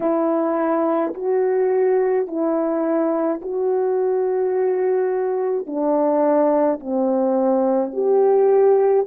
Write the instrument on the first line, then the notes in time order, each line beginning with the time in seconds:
horn
0.00 E4
1.14 F#4
2.26 E4
3.41 F#4
5.66 D4
6.79 C4
7.93 G4